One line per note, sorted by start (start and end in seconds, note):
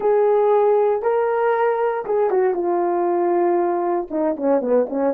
0.00 1.02 G#4
1.02 2.04 A#4
2.05 2.30 G#4
2.30 2.54 F#4
2.54 4.07 F4
4.10 4.36 D#4
4.36 4.61 C#4
4.61 4.86 B3
4.89 5.14 C#4